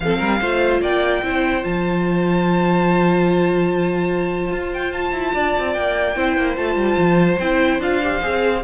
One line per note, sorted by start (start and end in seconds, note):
0.00 0.20 F3
0.00 0.41 C4
0.00 0.18 A4
0.00 0.79 F5
0.18 0.40 G3
0.18 0.38 A#4
0.40 0.81 A3
0.40 1.23 F4
0.40 0.81 C5
0.81 1.22 A#3
0.81 1.22 D5
0.81 1.64 G5
1.22 1.64 C4
1.22 1.62 E4
1.22 5.34 C5
1.62 4.51 F3
1.62 6.15 F4
1.62 4.72 A5
4.51 5.12 F4
4.73 4.92 G5
4.92 5.73 A5
5.12 5.32 E4
5.34 5.55 D4
5.34 6.16 D5
5.58 5.76 C4
5.73 6.16 A#3
5.73 6.55 G5
6.15 6.36 C4
6.15 6.56 E4
6.15 8.63 C5
6.36 6.57 A#3
6.56 6.75 A3
6.56 7.38 F4
6.56 7.38 A5
6.75 6.96 G3
6.97 7.38 F3
7.39 7.79 C4
7.39 7.81 E4
7.39 7.80 G5
7.79 8.20 D4
7.79 8.02 F4
7.79 8.64 F5
8.03 8.22 G4
8.22 8.64 C4
8.22 8.63 G#4